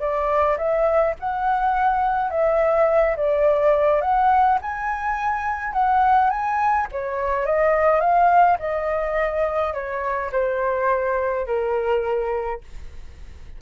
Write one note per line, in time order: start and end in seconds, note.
0.00 0.57 D5
0.57 1.15 E5
1.20 2.30 F#5
2.30 3.16 E5
3.16 4.01 D5
4.01 4.58 F#5
4.62 5.73 G#5
5.73 6.30 F#5
6.30 6.87 G#5
6.91 7.45 C#5
7.45 8.00 D#5
8.00 8.57 F5
8.59 9.74 D#5
9.74 10.31 C#5
10.32 11.46 C5
11.46 12.61 A#4